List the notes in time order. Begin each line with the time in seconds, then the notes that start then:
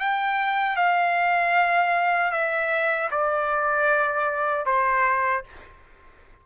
0.00 G5
0.77 F5
2.32 E5
3.11 D5
4.66 C5